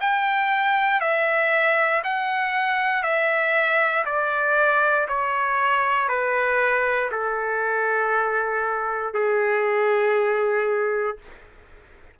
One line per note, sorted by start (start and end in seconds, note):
0.00 1.00 G5
1.00 2.02 E5
2.03 3.02 F#5
3.02 4.04 E5
4.05 5.07 D5
5.08 6.08 C#5
6.08 7.10 B4
7.11 9.13 A4
9.13 11.17 G#4